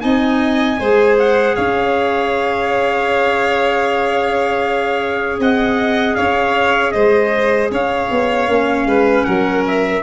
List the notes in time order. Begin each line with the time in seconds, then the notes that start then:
0.00 C4 D#4 D#5 G#5
0.79 G#3 G#4 C5
1.19 F#5
1.55 C#4 C#5 F5
5.39 C4 D#5 F#5
6.15 C#4 C#5 F5
6.92 G#3 C5 D#5
7.71 C#4 C#5 F5
8.11 B3
8.48 A#3 C#4
8.87 G#3 B4
9.24 F#3 A#4 F#5
9.67 E5